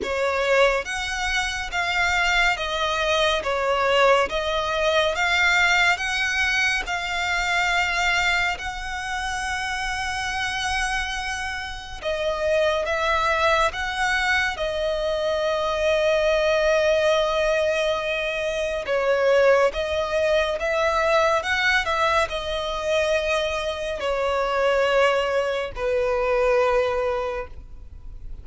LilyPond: \new Staff \with { instrumentName = "violin" } { \time 4/4 \tempo 4 = 70 cis''4 fis''4 f''4 dis''4 | cis''4 dis''4 f''4 fis''4 | f''2 fis''2~ | fis''2 dis''4 e''4 |
fis''4 dis''2.~ | dis''2 cis''4 dis''4 | e''4 fis''8 e''8 dis''2 | cis''2 b'2 | }